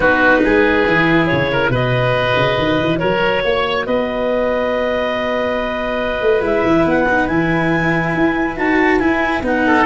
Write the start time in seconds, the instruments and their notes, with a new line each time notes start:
0.00 tuba B3, cello D#4, oboe F#4, clarinet B4
0.44 tuba G#3, oboe G#4
0.86 tuba E3, cello E4
1.26 tuba C#3, clarinet C#5
1.51 oboe A#4
1.69 tuba B2, cello F#4, oboe B4, clarinet D#5
2.36 tuba C#3
2.57 tuba D#3
2.80 tuba E3
2.98 tuba F#3, oboe A#4, clarinet C#5
3.44 tuba A#3, oboe C#5
3.86 tuba B3, oboe B4, clarinet D#5
6.21 tuba A3
6.41 tuba G#3, cello E4, clarinet E5
6.64 tuba E3
6.85 tuba B3, clarinet F#5
7.09 cello D#4
7.27 tuba E3, cello E4, clarinet G#5
8.15 tuba E4
8.57 tuba D#4, cello F#4, clarinet A5
8.98 cello E4, tuba E4, clarinet G#5
9.41 tuba B3, cello D#4, clarinet F#5
9.66 oboe A4